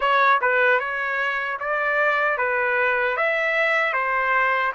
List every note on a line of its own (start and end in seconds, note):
0.00 0.39 C#5
0.41 0.79 B4
0.79 1.58 C#5
1.59 2.37 D5
2.37 3.16 B4
3.16 3.93 E5
3.93 4.72 C5